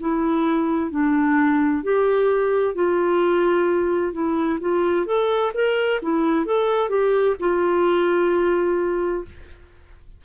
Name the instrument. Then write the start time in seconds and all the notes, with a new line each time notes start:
clarinet
0.00 E4
0.91 D4
1.83 G4
2.75 F4
4.12 E4
4.61 F4
5.06 A4
5.54 A#4
6.02 E4
6.45 A4
6.89 G4
7.40 F4